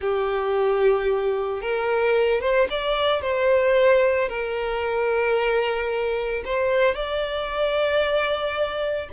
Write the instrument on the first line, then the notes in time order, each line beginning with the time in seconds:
violin
0.00 G4
1.61 A#4
2.41 C5
2.70 D5
3.21 C5
4.29 A#4
6.44 C5
6.94 D5